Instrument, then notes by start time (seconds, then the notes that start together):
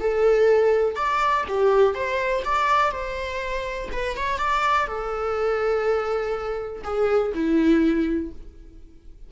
viola
0.00 A4
0.95 D5
1.48 G4
1.94 C5
2.44 D5
2.91 C5
3.92 B4
4.16 C#5
4.38 D5
4.86 A4
6.83 G#4
7.34 E4